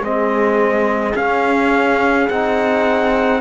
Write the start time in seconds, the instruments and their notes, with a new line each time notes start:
0.00 cello G#3, trombone C4, horn G#4, trumpet D#5
1.15 cello C#4, trombone C#4, trumpet F5
2.28 cello C4, trombone D#4, trumpet F#5